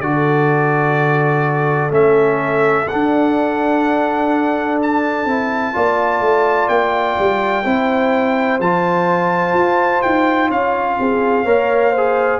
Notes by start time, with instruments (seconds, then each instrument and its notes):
0.00 tuba D3, trombone F#4, horn A4, trumpet D5
1.90 tuba A3, trombone C#4, trumpet E5
2.88 trombone D4, tuba D4, trumpet F#5
4.82 trumpet A5
5.25 tuba C4, trombone E4
5.73 tuba A#3, trombone F4, horn D5
6.19 tuba A3
6.68 tuba A#3, trumpet G5
7.18 tuba G3
7.64 tuba C4, trombone E4, horn C5
8.59 tuba F3, trombone F4, trumpet A5
9.53 tuba F4
10.02 tuba D#4, trumpet G5
10.48 tuba C#4, horn C#5, trumpet F5
10.99 tuba C4, horn G#4
11.43 tuba A#3, trombone A#4, horn C#5
11.91 trombone G#4, horn C5